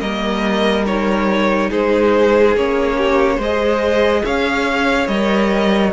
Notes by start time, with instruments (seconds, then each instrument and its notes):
0.00 cello G3, viola A#3, violin A#4 D#5
0.87 viola D#4, violin C#5
1.70 cello G#3, violin G#4 C5
2.56 cello A#3, viola C#4, violin C#5
2.98 violin G4
3.37 cello G#3, violin C5 D#5
3.44 viola G#4
4.25 cello C#4, violin C#5 F5
5.08 cello G3, viola A#4, violin D#5